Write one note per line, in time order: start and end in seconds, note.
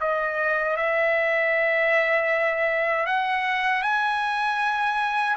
0.00 0.76 D#5
0.76 3.06 E5
3.06 3.82 F#5
3.82 5.36 G#5